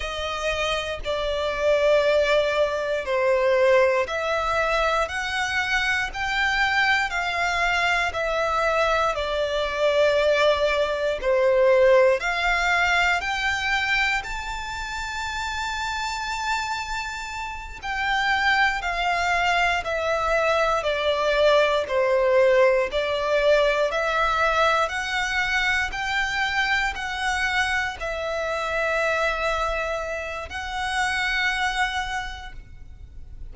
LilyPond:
\new Staff \with { instrumentName = "violin" } { \time 4/4 \tempo 4 = 59 dis''4 d''2 c''4 | e''4 fis''4 g''4 f''4 | e''4 d''2 c''4 | f''4 g''4 a''2~ |
a''4. g''4 f''4 e''8~ | e''8 d''4 c''4 d''4 e''8~ | e''8 fis''4 g''4 fis''4 e''8~ | e''2 fis''2 | }